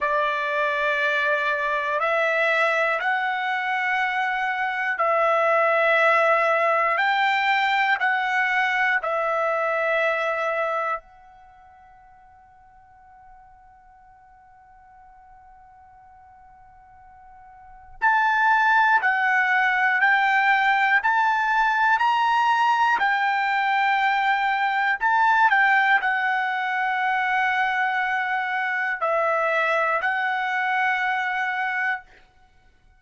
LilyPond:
\new Staff \with { instrumentName = "trumpet" } { \time 4/4 \tempo 4 = 60 d''2 e''4 fis''4~ | fis''4 e''2 g''4 | fis''4 e''2 fis''4~ | fis''1~ |
fis''2 a''4 fis''4 | g''4 a''4 ais''4 g''4~ | g''4 a''8 g''8 fis''2~ | fis''4 e''4 fis''2 | }